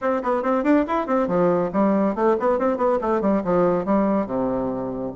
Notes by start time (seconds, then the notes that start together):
0.01 C4
0.22 B3
0.42 C4
0.63 D4
0.87 E4
1.06 C4
1.27 F3
1.72 G3
2.15 A3
2.39 B3
2.58 C4
2.77 B3
3.01 A3
3.21 G3
3.44 F3
3.85 G3
4.26 C3